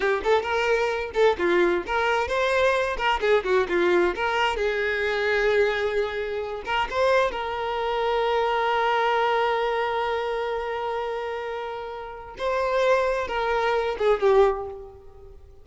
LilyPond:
\new Staff \with { instrumentName = "violin" } { \time 4/4 \tempo 4 = 131 g'8 a'8 ais'4. a'8 f'4 | ais'4 c''4. ais'8 gis'8 fis'8 | f'4 ais'4 gis'2~ | gis'2~ gis'8 ais'8 c''4 |
ais'1~ | ais'1~ | ais'2. c''4~ | c''4 ais'4. gis'8 g'4 | }